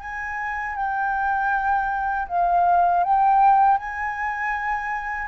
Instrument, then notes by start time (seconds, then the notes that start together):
flute
0.00 G#5
0.76 G5
2.28 F5
3.04 G5
3.77 G#5